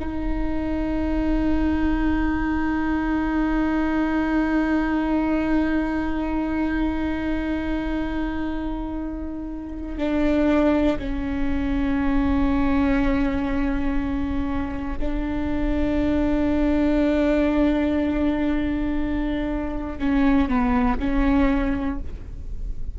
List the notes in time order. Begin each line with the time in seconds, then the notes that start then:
0.00 D#4
9.98 D4
10.99 C#4
15.00 D4
19.99 C#4
20.49 B3
20.99 C#4